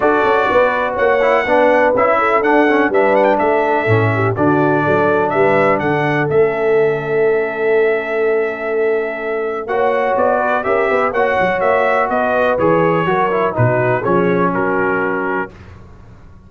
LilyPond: <<
  \new Staff \with { instrumentName = "trumpet" } { \time 4/4 \tempo 4 = 124 d''2 fis''2 | e''4 fis''4 e''8 fis''16 g''16 e''4~ | e''4 d''2 e''4 | fis''4 e''2.~ |
e''1 | fis''4 d''4 e''4 fis''4 | e''4 dis''4 cis''2 | b'4 cis''4 ais'2 | }
  \new Staff \with { instrumentName = "horn" } { \time 4/4 a'4 b'4 cis''4 b'4~ | b'8 a'4. b'4 a'4~ | a'8 g'8 fis'4 a'4 b'4 | a'1~ |
a'1 | cis''4. b'8 ais'8 b'8 cis''4~ | cis''4 b'2 ais'4 | fis'4 gis'4 fis'2 | }
  \new Staff \with { instrumentName = "trombone" } { \time 4/4 fis'2~ fis'8 e'8 d'4 | e'4 d'8 cis'8 d'2 | cis'4 d'2.~ | d'4 cis'2.~ |
cis'1 | fis'2 g'4 fis'4~ | fis'2 gis'4 fis'8 e'8 | dis'4 cis'2. | }
  \new Staff \with { instrumentName = "tuba" } { \time 4/4 d'8 cis'8 b4 ais4 b4 | cis'4 d'4 g4 a4 | a,4 d4 fis4 g4 | d4 a2.~ |
a1 | ais4 b4 cis'8 b8 ais8 fis8 | ais4 b4 e4 fis4 | b,4 f4 fis2 | }
>>